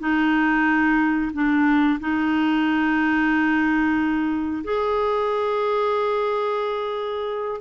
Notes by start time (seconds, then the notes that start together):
0.00 D#4
1.34 D4
2.00 D#4
4.64 G#4